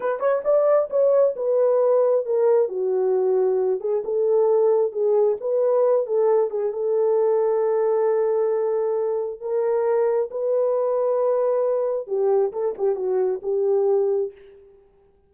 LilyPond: \new Staff \with { instrumentName = "horn" } { \time 4/4 \tempo 4 = 134 b'8 cis''8 d''4 cis''4 b'4~ | b'4 ais'4 fis'2~ | fis'8 gis'8 a'2 gis'4 | b'4. a'4 gis'8 a'4~ |
a'1~ | a'4 ais'2 b'4~ | b'2. g'4 | a'8 g'8 fis'4 g'2 | }